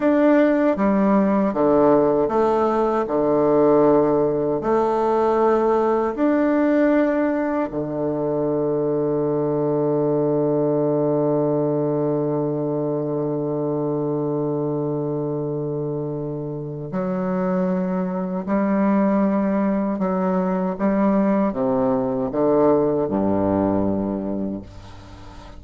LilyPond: \new Staff \with { instrumentName = "bassoon" } { \time 4/4 \tempo 4 = 78 d'4 g4 d4 a4 | d2 a2 | d'2 d2~ | d1~ |
d1~ | d2 fis2 | g2 fis4 g4 | c4 d4 g,2 | }